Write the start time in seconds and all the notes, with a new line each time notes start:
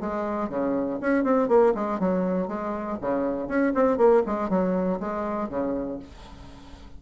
0.00 G#3
0.49 C#3
1.00 C#4
1.23 C4
1.48 A#3
1.74 G#3
1.99 F#3
2.48 G#3
3.00 C#3
3.47 C#4
3.74 C4
3.97 A#3
4.26 G#3
4.49 F#3
5.00 G#3
5.49 C#3